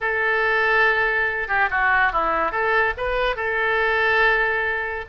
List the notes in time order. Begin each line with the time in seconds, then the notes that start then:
0.01 A4
1.48 G4
1.70 F#4
2.12 E4
2.51 A4
2.97 B4
3.36 A4